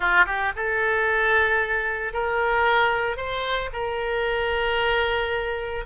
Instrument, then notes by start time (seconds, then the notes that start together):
oboe
0.00 F4
0.26 G4
0.56 A4
2.13 A#4
3.16 C5
3.72 A#4